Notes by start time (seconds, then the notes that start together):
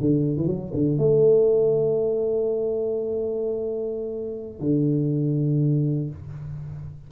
0.00 D3
0.37 E3
0.46 F#3
0.73 D3
0.97 A3
4.60 D3